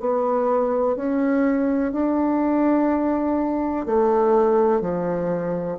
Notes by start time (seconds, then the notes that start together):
0.00 B3
0.96 C#4
1.92 D4
3.86 A3
4.81 F3